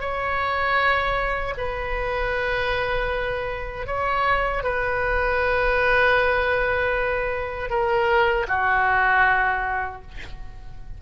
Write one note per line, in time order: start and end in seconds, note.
0.00 1.54 C#5
1.57 3.86 B4
3.86 4.63 C#5
4.63 7.70 B4
7.70 8.47 A#4
8.48 10.01 F#4